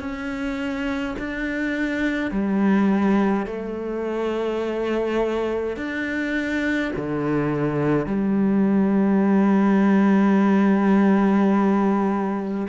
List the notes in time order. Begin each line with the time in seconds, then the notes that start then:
0.00 C#4
1.19 D4
2.31 G3
3.46 A3
5.76 D4
6.96 D3
8.06 G3